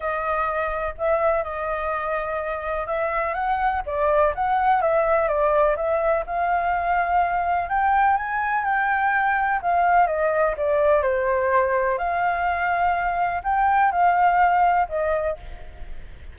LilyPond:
\new Staff \with { instrumentName = "flute" } { \time 4/4 \tempo 4 = 125 dis''2 e''4 dis''4~ | dis''2 e''4 fis''4 | d''4 fis''4 e''4 d''4 | e''4 f''2. |
g''4 gis''4 g''2 | f''4 dis''4 d''4 c''4~ | c''4 f''2. | g''4 f''2 dis''4 | }